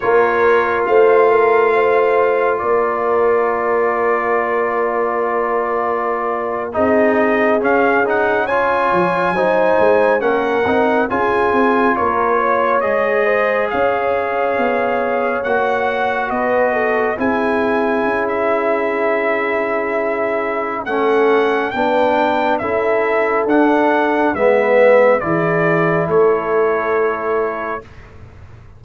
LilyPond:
<<
  \new Staff \with { instrumentName = "trumpet" } { \time 4/4 \tempo 4 = 69 cis''4 f''2 d''4~ | d''2.~ d''8. dis''16~ | dis''8. f''8 fis''8 gis''2 fis''16~ | fis''8. gis''4 cis''4 dis''4 f''16~ |
f''4.~ f''16 fis''4 dis''4 gis''16~ | gis''4 e''2. | fis''4 g''4 e''4 fis''4 | e''4 d''4 cis''2 | }
  \new Staff \with { instrumentName = "horn" } { \time 4/4 ais'4 c''8 ais'8 c''4 ais'4~ | ais'2.~ ais'8. gis'16~ | gis'4.~ gis'16 cis''4 c''4 ais'16~ | ais'8. gis'4 ais'8 cis''4 c''8 cis''16~ |
cis''2~ cis''8. b'8 a'8 gis'16~ | gis'1 | a'4 b'4 a'2 | b'4 gis'4 a'2 | }
  \new Staff \with { instrumentName = "trombone" } { \time 4/4 f'1~ | f'2.~ f'8. dis'16~ | dis'8. cis'8 dis'8 f'4 dis'4 cis'16~ | cis'16 dis'8 f'2 gis'4~ gis'16~ |
gis'4.~ gis'16 fis'2 e'16~ | e'1 | cis'4 d'4 e'4 d'4 | b4 e'2. | }
  \new Staff \with { instrumentName = "tuba" } { \time 4/4 ais4 a2 ais4~ | ais2.~ ais8. c'16~ | c'8. cis'4. f8 fis8 gis8 ais16~ | ais16 c'8 cis'8 c'8 ais4 gis4 cis'16~ |
cis'8. b4 ais4 b4 c'16~ | c'8. cis'2.~ cis'16 | a4 b4 cis'4 d'4 | gis4 e4 a2 | }
>>